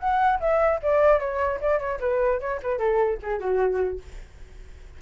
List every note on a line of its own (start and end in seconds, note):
0.00 0.40 F#5
0.41 0.81 E5
0.83 1.20 D5
1.20 1.60 C#5
1.61 1.80 D5
1.80 2.00 C#5
2.01 2.40 B4
2.40 2.60 C#5
2.63 2.79 B4
2.79 3.19 A4
3.23 3.40 G#4
3.40 4.00 F#4